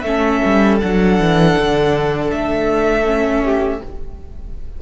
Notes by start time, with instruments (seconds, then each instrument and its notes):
0.00 cello A3, viola C#4, violin A4 E5
0.44 cello G3
0.80 cello F#3, viola D4, violin F#5
1.19 cello E3
1.58 cello D3
2.31 cello A3, violin E5
3.04 viola C#4
3.44 violin G4